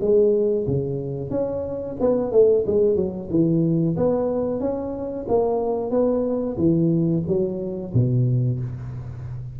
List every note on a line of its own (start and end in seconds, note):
0.00 0.66 G#3
0.67 1.30 C#3
1.30 1.96 C#4
2.00 2.31 B3
2.31 2.64 A3
2.66 2.96 G#3
2.96 3.28 F#3
3.30 3.96 E3
3.96 4.59 B3
4.59 5.25 C#4
5.27 5.90 A#3
5.90 6.56 B3
6.57 7.23 E3
7.27 7.93 F#3
7.93 8.59 B2